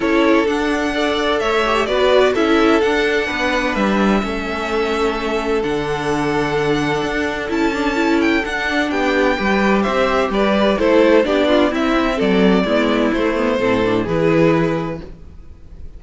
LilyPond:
<<
  \new Staff \with { instrumentName = "violin" } { \time 4/4 \tempo 4 = 128 cis''4 fis''2 e''4 | d''4 e''4 fis''2 | e''1 | fis''1 |
a''4. g''8 fis''4 g''4~ | g''4 e''4 d''4 c''4 | d''4 e''4 d''2 | c''2 b'2 | }
  \new Staff \with { instrumentName = "violin" } { \time 4/4 a'2 d''4 cis''4 | b'4 a'2 b'4~ | b'4 a'2.~ | a'1~ |
a'2. g'4 | b'4 c''4 b'4 a'4 | g'8 f'8 e'4 a'4 e'4~ | e'4 a'4 gis'2 | }
  \new Staff \with { instrumentName = "viola" } { \time 4/4 e'4 d'4 a'4. g'8 | fis'4 e'4 d'2~ | d'4 cis'2. | d'1 |
e'8 d'8 e'4 d'2 | g'2. e'4 | d'4 c'2 b4 | a8 b8 c'8 d'8 e'2 | }
  \new Staff \with { instrumentName = "cello" } { \time 4/4 cis'4 d'2 a4 | b4 cis'4 d'4 b4 | g4 a2. | d2. d'4 |
cis'2 d'4 b4 | g4 c'4 g4 a4 | b4 c'4 fis4 gis4 | a4 a,4 e2 | }
>>